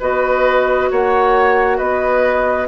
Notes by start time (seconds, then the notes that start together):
0.00 B3 F#4 B4 D#5
0.91 A#3 C#5 F#5
1.78 B3 B4 D#5